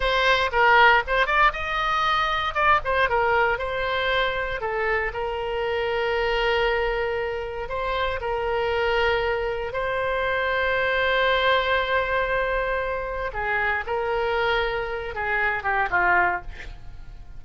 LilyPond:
\new Staff \with { instrumentName = "oboe" } { \time 4/4 \tempo 4 = 117 c''4 ais'4 c''8 d''8 dis''4~ | dis''4 d''8 c''8 ais'4 c''4~ | c''4 a'4 ais'2~ | ais'2. c''4 |
ais'2. c''4~ | c''1~ | c''2 gis'4 ais'4~ | ais'4. gis'4 g'8 f'4 | }